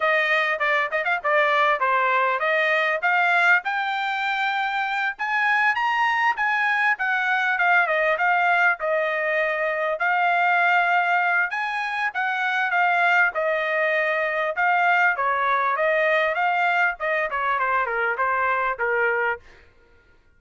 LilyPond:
\new Staff \with { instrumentName = "trumpet" } { \time 4/4 \tempo 4 = 99 dis''4 d''8 dis''16 f''16 d''4 c''4 | dis''4 f''4 g''2~ | g''8 gis''4 ais''4 gis''4 fis''8~ | fis''8 f''8 dis''8 f''4 dis''4.~ |
dis''8 f''2~ f''8 gis''4 | fis''4 f''4 dis''2 | f''4 cis''4 dis''4 f''4 | dis''8 cis''8 c''8 ais'8 c''4 ais'4 | }